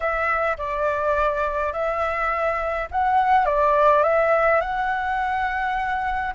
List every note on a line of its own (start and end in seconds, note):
0.00 0.57 E5
0.57 1.72 D5
1.72 2.88 E5
2.91 3.45 F#5
3.45 4.03 D5
4.03 4.60 E5
4.60 6.33 F#5